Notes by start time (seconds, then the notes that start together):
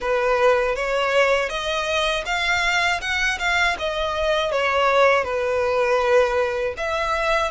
0.00 B4
0.75 C#5
1.49 D#5
2.25 F5
3.01 F#5
3.39 F5
3.78 D#5
4.51 C#5
5.24 B4
6.77 E5